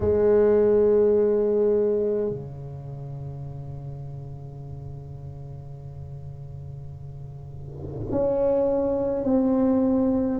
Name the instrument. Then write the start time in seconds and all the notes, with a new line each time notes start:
tuba
0.00 G#3
2.29 C#3
8.11 C#4
9.24 C4